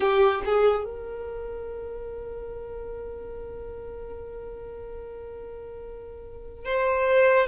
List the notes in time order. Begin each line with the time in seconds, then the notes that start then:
0.00 G4
0.45 G#4
0.84 A#4
6.65 C5